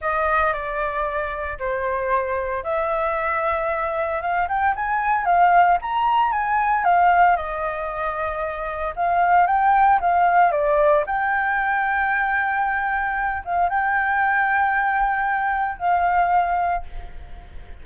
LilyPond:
\new Staff \with { instrumentName = "flute" } { \time 4/4 \tempo 4 = 114 dis''4 d''2 c''4~ | c''4 e''2. | f''8 g''8 gis''4 f''4 ais''4 | gis''4 f''4 dis''2~ |
dis''4 f''4 g''4 f''4 | d''4 g''2.~ | g''4. f''8 g''2~ | g''2 f''2 | }